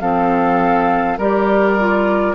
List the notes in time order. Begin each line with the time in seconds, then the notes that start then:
0.00 F3 C4 A4 F5
1.18 G3 G4 A#4 D5
1.79 F4